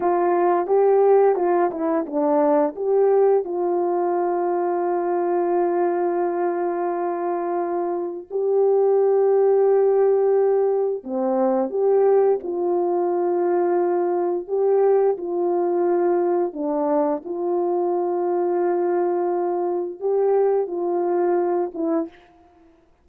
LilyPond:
\new Staff \with { instrumentName = "horn" } { \time 4/4 \tempo 4 = 87 f'4 g'4 f'8 e'8 d'4 | g'4 f'2.~ | f'1 | g'1 |
c'4 g'4 f'2~ | f'4 g'4 f'2 | d'4 f'2.~ | f'4 g'4 f'4. e'8 | }